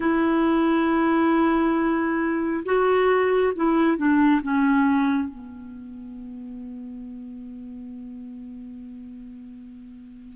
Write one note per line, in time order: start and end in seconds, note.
0.00 2.64 E4
2.65 3.53 F#4
3.55 3.97 E4
3.97 4.41 D4
4.42 5.29 C#4
5.29 10.35 B3